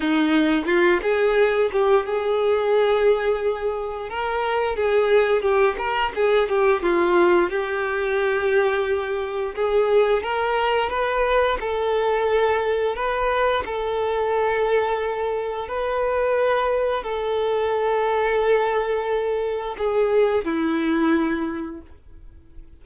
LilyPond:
\new Staff \with { instrumentName = "violin" } { \time 4/4 \tempo 4 = 88 dis'4 f'8 gis'4 g'8 gis'4~ | gis'2 ais'4 gis'4 | g'8 ais'8 gis'8 g'8 f'4 g'4~ | g'2 gis'4 ais'4 |
b'4 a'2 b'4 | a'2. b'4~ | b'4 a'2.~ | a'4 gis'4 e'2 | }